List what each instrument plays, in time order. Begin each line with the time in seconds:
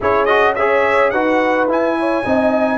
0.00 tuba C#4, trombone E4, horn G#4, trumpet C#5
0.25 trombone F#4, trumpet D#5
0.54 trombone G#4, horn C#5, trumpet E5
1.10 tuba D#4, trombone F#4, horn B4, trumpet F#5
1.67 tuba E4, trombone E4, trumpet G#5
1.99 horn C#5
2.24 tuba C4, trombone D#4, horn D#5